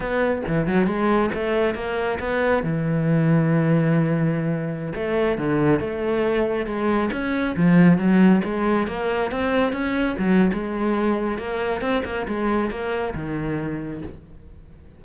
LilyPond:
\new Staff \with { instrumentName = "cello" } { \time 4/4 \tempo 4 = 137 b4 e8 fis8 gis4 a4 | ais4 b4 e2~ | e2.~ e16 a8.~ | a16 d4 a2 gis8.~ |
gis16 cis'4 f4 fis4 gis8.~ | gis16 ais4 c'4 cis'4 fis8. | gis2 ais4 c'8 ais8 | gis4 ais4 dis2 | }